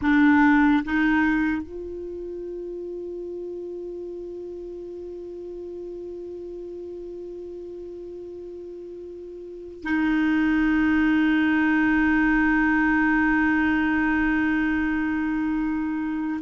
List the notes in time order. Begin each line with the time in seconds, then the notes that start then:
0.01 D4
0.84 D#4
1.62 F4
9.83 D#4